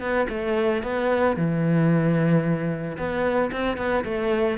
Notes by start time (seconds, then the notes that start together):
0.00 B3
0.29 A3
0.83 B3
1.36 E3
2.97 B3
3.52 C4
3.77 B3
4.04 A3